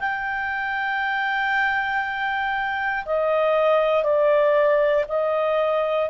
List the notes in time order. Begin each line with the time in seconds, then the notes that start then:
0.00 G5
3.06 D#5
4.04 D5
5.08 D#5